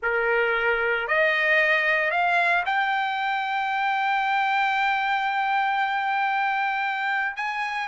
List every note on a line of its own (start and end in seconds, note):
0.02 1.07 A#4
1.07 2.11 D#5
2.11 2.63 F5
2.65 7.36 G5
7.36 7.88 G#5